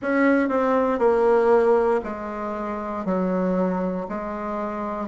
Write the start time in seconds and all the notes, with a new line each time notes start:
0.02 C#4
0.48 C4
0.98 A#3
2.03 G#3
3.05 F#3
4.08 G#3